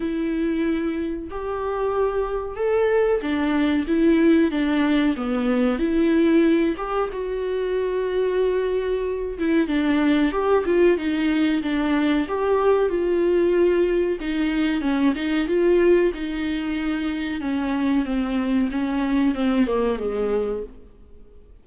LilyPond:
\new Staff \with { instrumentName = "viola" } { \time 4/4 \tempo 4 = 93 e'2 g'2 | a'4 d'4 e'4 d'4 | b4 e'4. g'8 fis'4~ | fis'2~ fis'8 e'8 d'4 |
g'8 f'8 dis'4 d'4 g'4 | f'2 dis'4 cis'8 dis'8 | f'4 dis'2 cis'4 | c'4 cis'4 c'8 ais8 gis4 | }